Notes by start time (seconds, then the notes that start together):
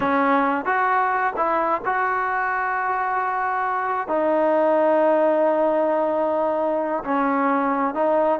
0.00 C#4
0.65 F#4
1.36 E4
1.85 F#4
4.08 D#4
7.04 C#4
7.94 D#4